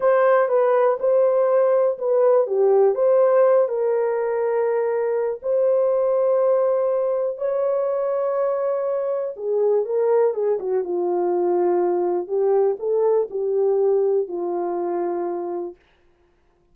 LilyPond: \new Staff \with { instrumentName = "horn" } { \time 4/4 \tempo 4 = 122 c''4 b'4 c''2 | b'4 g'4 c''4. ais'8~ | ais'2. c''4~ | c''2. cis''4~ |
cis''2. gis'4 | ais'4 gis'8 fis'8 f'2~ | f'4 g'4 a'4 g'4~ | g'4 f'2. | }